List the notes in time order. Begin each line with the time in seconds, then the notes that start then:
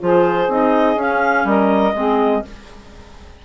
0.00 F3 F4 G#4 C5
0.48 C4 D#4 D#5
0.96 C#4 F5
1.45 G3 A#4 D#5
1.94 G#3 C4 G#4